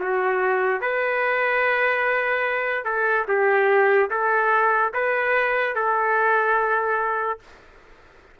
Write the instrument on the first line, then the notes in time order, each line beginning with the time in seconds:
trumpet
0.00 F#4
0.81 B4
2.85 A4
3.28 G4
4.11 A4
4.94 B4
5.75 A4